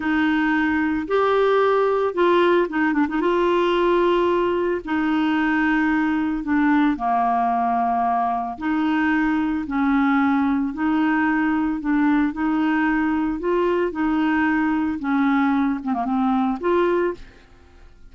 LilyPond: \new Staff \with { instrumentName = "clarinet" } { \time 4/4 \tempo 4 = 112 dis'2 g'2 | f'4 dis'8 d'16 dis'16 f'2~ | f'4 dis'2. | d'4 ais2. |
dis'2 cis'2 | dis'2 d'4 dis'4~ | dis'4 f'4 dis'2 | cis'4. c'16 ais16 c'4 f'4 | }